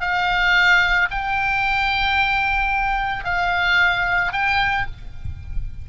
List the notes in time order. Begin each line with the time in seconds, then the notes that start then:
0.00 F5
1.10 G5
3.24 F5
4.32 G5